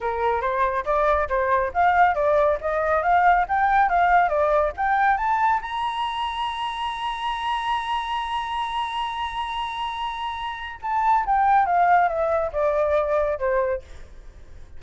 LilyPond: \new Staff \with { instrumentName = "flute" } { \time 4/4 \tempo 4 = 139 ais'4 c''4 d''4 c''4 | f''4 d''4 dis''4 f''4 | g''4 f''4 d''4 g''4 | a''4 ais''2.~ |
ais''1~ | ais''1~ | ais''4 a''4 g''4 f''4 | e''4 d''2 c''4 | }